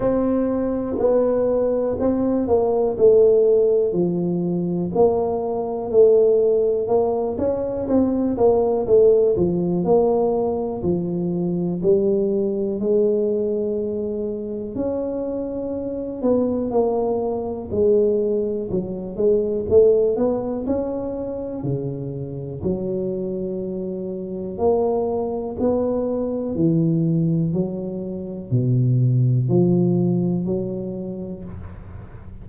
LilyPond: \new Staff \with { instrumentName = "tuba" } { \time 4/4 \tempo 4 = 61 c'4 b4 c'8 ais8 a4 | f4 ais4 a4 ais8 cis'8 | c'8 ais8 a8 f8 ais4 f4 | g4 gis2 cis'4~ |
cis'8 b8 ais4 gis4 fis8 gis8 | a8 b8 cis'4 cis4 fis4~ | fis4 ais4 b4 e4 | fis4 b,4 f4 fis4 | }